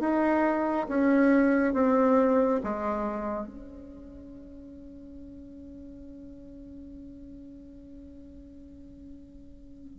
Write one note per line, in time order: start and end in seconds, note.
0.00 0.87 D#4
0.88 1.74 C#4
1.74 2.60 C4
2.63 3.47 G#3
3.47 9.99 C#4